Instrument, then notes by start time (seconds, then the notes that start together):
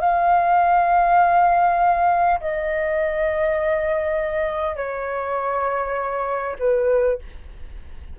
flute
0.00 F5
2.41 D#5
4.76 C#5
6.59 B4